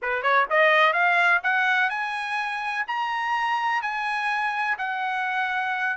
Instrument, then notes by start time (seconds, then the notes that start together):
trumpet
0.02 B4
0.22 C#5
0.49 D#5
0.93 F5
1.43 F#5
1.89 G#5
2.87 A#5
3.82 G#5
4.77 F#5